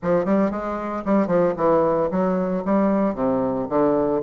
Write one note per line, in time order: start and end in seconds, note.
0.02 0.25 F3
0.25 0.50 G3
0.50 1.03 G#3
1.05 1.27 G3
1.27 1.53 F3
1.56 2.09 E3
2.11 2.63 F#3
2.65 3.14 G3
3.14 3.67 C3
3.69 4.22 D3